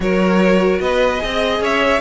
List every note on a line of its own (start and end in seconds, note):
0.00 0.79 F#3
0.00 1.18 F#4
0.00 0.82 A#4
0.00 0.80 C#5
0.79 1.20 B3
0.79 1.22 B4
0.79 1.61 D#5
1.18 1.60 C4
1.18 1.99 G#4
1.18 1.62 D#5
1.60 2.00 C#4
1.60 2.00 C#5
1.60 2.00 E5